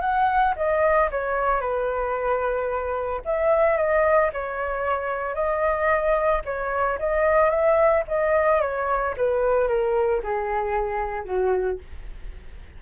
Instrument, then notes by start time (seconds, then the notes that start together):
flute
0.00 F#5
0.56 D#5
1.11 C#5
1.60 B4
3.24 E5
3.77 D#5
4.32 C#5
5.34 D#5
6.45 C#5
6.98 D#5
7.49 E5
8.07 D#5
8.61 C#5
9.17 B4
9.67 A#4
10.23 G#4
11.24 F#4